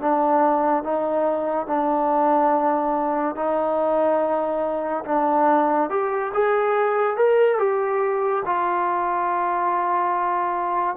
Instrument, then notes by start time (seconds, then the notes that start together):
trombone
0.00 D4
0.83 D#4
1.66 D4
3.35 D#4
5.05 D4
5.90 G4
6.33 G#4
7.17 A#4
7.58 G4
8.45 F4